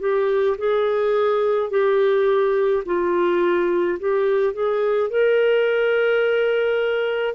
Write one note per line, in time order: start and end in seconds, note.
0.00 0.57 G4
0.58 1.70 G#4
1.70 2.84 G4
2.86 3.99 F4
4.00 4.54 G4
4.54 5.10 G#4
5.10 7.35 A#4